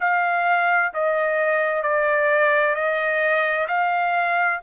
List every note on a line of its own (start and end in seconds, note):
0.00 0.92 F5
0.94 1.83 D#5
1.83 2.75 D5
2.75 3.67 D#5
3.68 4.60 F5